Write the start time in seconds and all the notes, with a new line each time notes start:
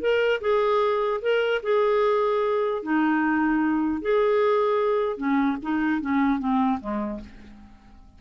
0.00 A#4
0.40 G#4
1.21 A#4
1.63 G#4
2.82 D#4
4.01 G#4
5.17 C#4
5.62 D#4
6.01 C#4
6.39 C4
6.80 G#3